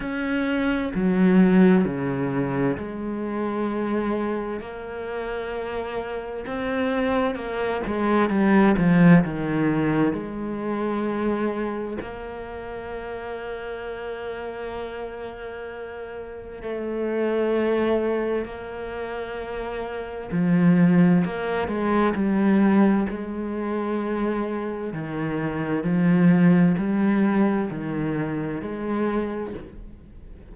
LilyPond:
\new Staff \with { instrumentName = "cello" } { \time 4/4 \tempo 4 = 65 cis'4 fis4 cis4 gis4~ | gis4 ais2 c'4 | ais8 gis8 g8 f8 dis4 gis4~ | gis4 ais2.~ |
ais2 a2 | ais2 f4 ais8 gis8 | g4 gis2 dis4 | f4 g4 dis4 gis4 | }